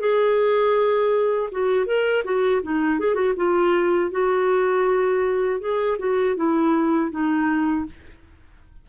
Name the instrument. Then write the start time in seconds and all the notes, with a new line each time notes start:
clarinet
0.00 G#4
1.52 F#4
1.86 A#4
2.25 F#4
2.63 D#4
3.00 G#4
3.15 F#4
3.36 F4
4.11 F#4
5.60 G#4
5.99 F#4
6.36 E4
7.11 D#4